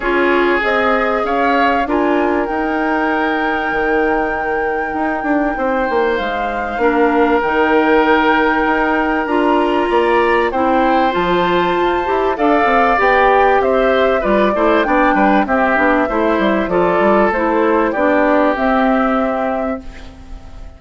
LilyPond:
<<
  \new Staff \with { instrumentName = "flute" } { \time 4/4 \tempo 4 = 97 cis''4 dis''4 f''4 gis''4 | g''1~ | g''2 f''2 | g''2. ais''4~ |
ais''4 g''4 a''2 | f''4 g''4 e''4 d''4 | g''4 e''2 d''4 | c''4 d''4 e''2 | }
  \new Staff \with { instrumentName = "oboe" } { \time 4/4 gis'2 cis''4 ais'4~ | ais'1~ | ais'4 c''2 ais'4~ | ais'1 |
d''4 c''2. | d''2 c''4 b'8 c''8 | d''8 b'8 g'4 c''4 a'4~ | a'4 g'2. | }
  \new Staff \with { instrumentName = "clarinet" } { \time 4/4 f'4 gis'2 f'4 | dis'1~ | dis'2. d'4 | dis'2. f'4~ |
f'4 e'4 f'4. g'8 | a'4 g'2 f'8 e'8 | d'4 c'8 d'8 e'4 f'4 | e'4 d'4 c'2 | }
  \new Staff \with { instrumentName = "bassoon" } { \time 4/4 cis'4 c'4 cis'4 d'4 | dis'2 dis2 | dis'8 d'8 c'8 ais8 gis4 ais4 | dis2 dis'4 d'4 |
ais4 c'4 f4 f'8 e'8 | d'8 c'8 b4 c'4 g8 a8 | b8 g8 c'8 b8 a8 g8 f8 g8 | a4 b4 c'2 | }
>>